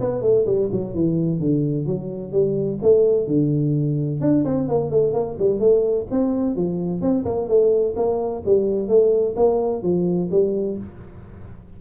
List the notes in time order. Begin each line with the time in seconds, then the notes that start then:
0.00 B3
0.22 A3
0.46 G3
0.71 F#3
0.94 E3
1.40 D3
1.86 F#3
2.32 G3
2.82 A3
3.27 D3
4.20 D4
4.44 C4
4.68 A#3
4.90 A3
5.13 A#3
5.38 G3
5.59 A3
6.11 C4
6.55 F3
7.01 C4
7.25 A#3
7.48 A3
7.96 A#3
8.45 G3
8.88 A3
9.36 A#3
9.82 F3
10.31 G3